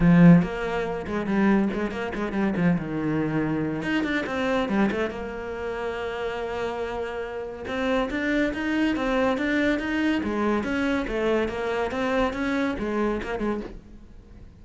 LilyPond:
\new Staff \with { instrumentName = "cello" } { \time 4/4 \tempo 4 = 141 f4 ais4. gis8 g4 | gis8 ais8 gis8 g8 f8 dis4.~ | dis4 dis'8 d'8 c'4 g8 a8 | ais1~ |
ais2 c'4 d'4 | dis'4 c'4 d'4 dis'4 | gis4 cis'4 a4 ais4 | c'4 cis'4 gis4 ais8 gis8 | }